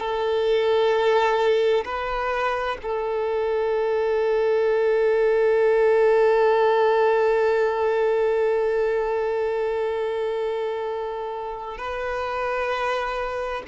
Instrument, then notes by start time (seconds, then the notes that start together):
violin
0.00 A4
1.85 B4
2.82 A4
11.77 B4